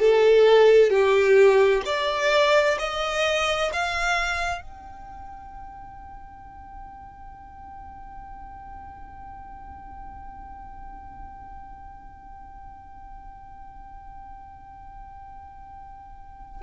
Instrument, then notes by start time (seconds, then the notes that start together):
violin
0.00 A4
0.90 G4
1.86 D5
2.79 D#5
3.73 F5
4.62 G5